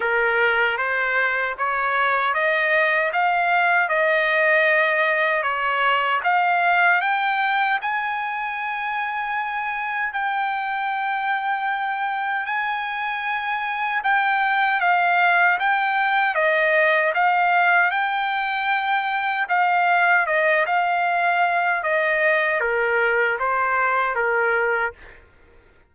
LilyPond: \new Staff \with { instrumentName = "trumpet" } { \time 4/4 \tempo 4 = 77 ais'4 c''4 cis''4 dis''4 | f''4 dis''2 cis''4 | f''4 g''4 gis''2~ | gis''4 g''2. |
gis''2 g''4 f''4 | g''4 dis''4 f''4 g''4~ | g''4 f''4 dis''8 f''4. | dis''4 ais'4 c''4 ais'4 | }